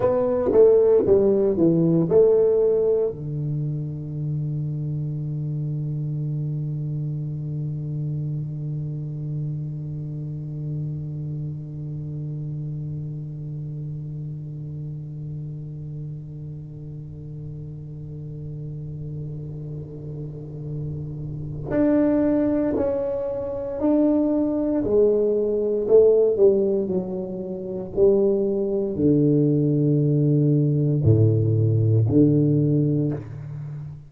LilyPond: \new Staff \with { instrumentName = "tuba" } { \time 4/4 \tempo 4 = 58 b8 a8 g8 e8 a4 d4~ | d1~ | d1~ | d1~ |
d1~ | d4 d'4 cis'4 d'4 | gis4 a8 g8 fis4 g4 | d2 a,4 d4 | }